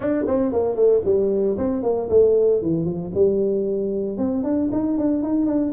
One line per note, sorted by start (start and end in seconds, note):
0.00 0.24 D4
0.27 0.52 C4
0.52 0.75 A#3
0.75 1.01 A3
1.05 1.57 G3
1.57 1.82 C4
1.82 2.08 A#3
2.09 2.61 A3
2.62 2.85 E3
2.85 3.11 F3
3.14 4.17 G3
4.17 4.43 C4
4.43 4.69 D4
4.72 4.97 D#4
4.97 5.22 D4
5.22 5.46 D#4
5.46 5.72 D4